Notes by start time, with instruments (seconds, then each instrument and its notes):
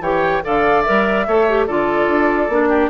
0.00 bassoon E3, clarinet G4, oboe C#5, flute G5
0.43 bassoon D3, clarinet A4, oboe D5, flute F5
0.82 clarinet A#4, flute E5
0.89 bassoon G3
1.27 bassoon A3, clarinet A4, oboe C#5
1.49 clarinet G4
1.67 bassoon D3, clarinet F4, oboe A4, flute D5
2.07 bassoon D4
2.48 bassoon A#3, clarinet D4
2.69 oboe G4